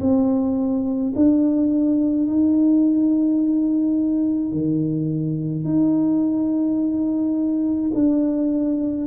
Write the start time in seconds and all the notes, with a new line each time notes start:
0.00 C4
1.16 D4
2.27 D#4
4.52 D#3
5.64 D#4
7.95 D4